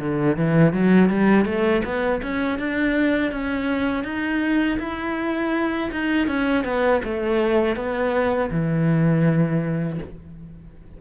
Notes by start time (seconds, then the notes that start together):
0.00 D3
0.37 E3
0.73 F#3
1.10 G3
1.45 A3
1.85 B3
2.23 C#4
2.59 D4
3.32 C#4
4.04 D#4
4.79 E4
5.92 D#4
6.28 C#4
6.65 B3
7.04 A3
7.76 B3
8.51 E3